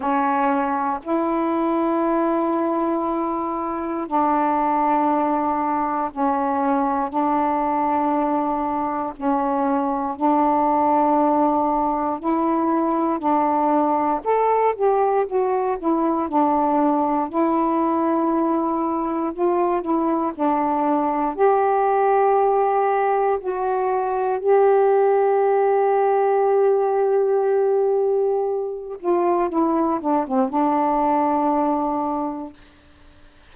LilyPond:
\new Staff \with { instrumentName = "saxophone" } { \time 4/4 \tempo 4 = 59 cis'4 e'2. | d'2 cis'4 d'4~ | d'4 cis'4 d'2 | e'4 d'4 a'8 g'8 fis'8 e'8 |
d'4 e'2 f'8 e'8 | d'4 g'2 fis'4 | g'1~ | g'8 f'8 e'8 d'16 c'16 d'2 | }